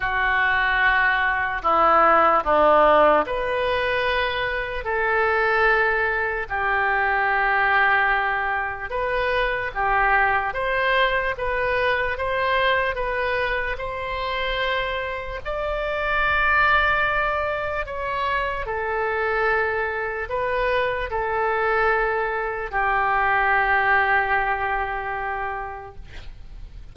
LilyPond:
\new Staff \with { instrumentName = "oboe" } { \time 4/4 \tempo 4 = 74 fis'2 e'4 d'4 | b'2 a'2 | g'2. b'4 | g'4 c''4 b'4 c''4 |
b'4 c''2 d''4~ | d''2 cis''4 a'4~ | a'4 b'4 a'2 | g'1 | }